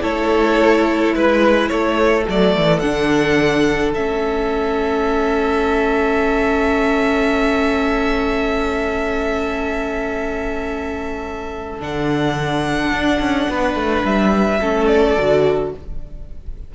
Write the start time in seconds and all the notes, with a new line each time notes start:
0.00 A3 E4 A4 C#5
1.14 G#3 B4
1.68 A3 A4 C#5
2.27 F#3 A3 D5
2.55 E3
2.79 D3 D4 F#5
3.94 A3 C#4 E5
11.79 D3 D4 F#5
12.91 D4
13.19 C#4
13.49 B3 B4
13.75 A3
14.04 G3 E5
14.59 A3 C#4 A4
14.87 D5
15.18 D3 F#4